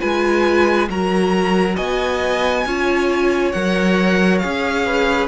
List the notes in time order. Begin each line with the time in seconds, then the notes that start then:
0.00 G#3 F4 B4 G#5
0.89 F#3 F#4 A#4 A#5
1.76 B3 D#5 G#5
2.66 C#4 F4 C#5
3.53 F#3 A#4 F#5
4.39 C#4 G#4 F5
4.86 B4